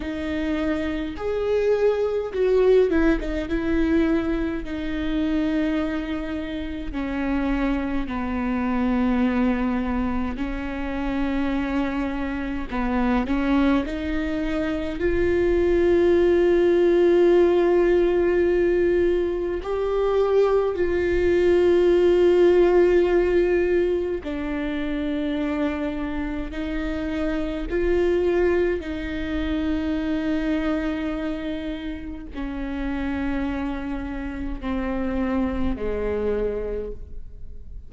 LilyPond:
\new Staff \with { instrumentName = "viola" } { \time 4/4 \tempo 4 = 52 dis'4 gis'4 fis'8 e'16 dis'16 e'4 | dis'2 cis'4 b4~ | b4 cis'2 b8 cis'8 | dis'4 f'2.~ |
f'4 g'4 f'2~ | f'4 d'2 dis'4 | f'4 dis'2. | cis'2 c'4 gis4 | }